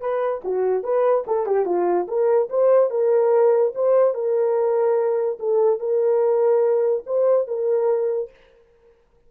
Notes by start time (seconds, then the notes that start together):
0.00 B4
0.44 F#4
0.83 B4
1.27 A4
1.46 G4
1.65 F4
2.07 A#4
2.49 C5
2.90 A#4
3.75 C5
4.14 A#4
5.39 A4
5.79 A#4
7.06 C5
7.47 A#4